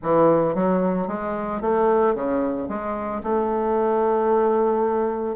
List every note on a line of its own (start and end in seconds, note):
0.02 0.54 E3
0.54 1.07 F#3
1.07 1.61 G#3
1.61 2.14 A3
2.14 2.68 C#3
2.68 3.21 G#3
3.23 5.35 A3